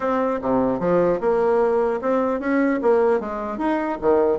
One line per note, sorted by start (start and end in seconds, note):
0.00 0.40 C4
0.41 0.79 C3
0.79 1.19 F3
1.20 2.00 A#3
2.01 2.39 C4
2.39 2.79 C#4
2.81 3.19 A#3
3.19 3.57 G#3
3.57 3.97 D#4
4.01 4.38 D#3